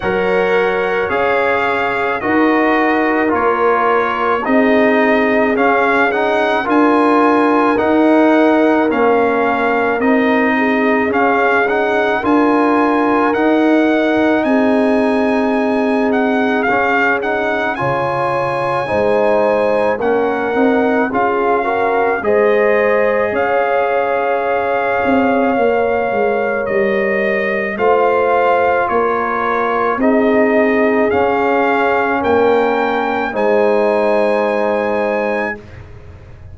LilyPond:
<<
  \new Staff \with { instrumentName = "trumpet" } { \time 4/4 \tempo 4 = 54 fis''4 f''4 dis''4 cis''4 | dis''4 f''8 fis''8 gis''4 fis''4 | f''4 dis''4 f''8 fis''8 gis''4 | fis''4 gis''4. fis''8 f''8 fis''8 |
gis''2 fis''4 f''4 | dis''4 f''2. | dis''4 f''4 cis''4 dis''4 | f''4 g''4 gis''2 | }
  \new Staff \with { instrumentName = "horn" } { \time 4/4 cis''2 ais'2 | gis'2 ais'2~ | ais'4. gis'4. ais'4~ | ais'4 gis'2. |
cis''4 c''4 ais'4 gis'8 ais'8 | c''4 cis''2.~ | cis''4 c''4 ais'4 gis'4~ | gis'4 ais'4 c''2 | }
  \new Staff \with { instrumentName = "trombone" } { \time 4/4 ais'4 gis'4 fis'4 f'4 | dis'4 cis'8 dis'8 f'4 dis'4 | cis'4 dis'4 cis'8 dis'8 f'4 | dis'2. cis'8 dis'8 |
f'4 dis'4 cis'8 dis'8 f'8 fis'8 | gis'2. ais'4~ | ais'4 f'2 dis'4 | cis'2 dis'2 | }
  \new Staff \with { instrumentName = "tuba" } { \time 4/4 fis4 cis'4 dis'4 ais4 | c'4 cis'4 d'4 dis'4 | ais4 c'4 cis'4 d'4 | dis'4 c'2 cis'4 |
cis4 gis4 ais8 c'8 cis'4 | gis4 cis'4. c'8 ais8 gis8 | g4 a4 ais4 c'4 | cis'4 ais4 gis2 | }
>>